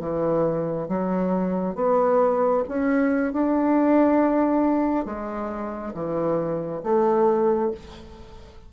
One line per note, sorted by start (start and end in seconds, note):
0.00 0.88 E3
0.89 1.75 F#3
1.75 2.64 B3
2.68 3.33 C#4
3.33 5.05 D4
5.05 5.93 G#3
5.94 6.82 E3
6.83 7.72 A3